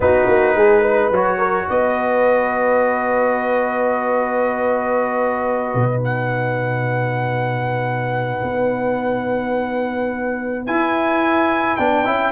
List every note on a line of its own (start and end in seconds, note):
0.00 0.27 B3
0.00 1.13 D#4
0.00 0.56 F#4
0.00 1.13 B4
0.27 0.55 A#3
0.55 1.11 G#3
0.55 0.80 G#4
0.80 1.36 B4
1.11 1.67 F#3
1.11 5.90 F#4
1.11 1.69 C#5
1.37 1.66 A#4
1.69 5.74 B3
1.69 12.32 B4
1.69 6.04 D#5
5.74 8.40 B2
5.90 10.67 D#4
6.04 10.66 F#5
8.43 10.66 B3
10.66 11.78 E4
10.66 11.76 G#5
11.76 12.06 B3
11.76 12.05 D4
11.76 12.32 G5
12.05 12.32 C#4
12.05 12.32 E4